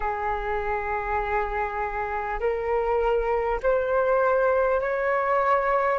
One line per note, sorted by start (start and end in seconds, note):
0.00 2.39 G#4
2.40 3.60 A#4
3.62 4.81 C5
4.81 5.98 C#5